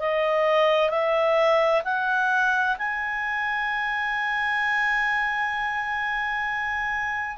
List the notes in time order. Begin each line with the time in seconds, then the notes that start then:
0.00 D#5
0.90 E5
1.85 F#5
2.78 G#5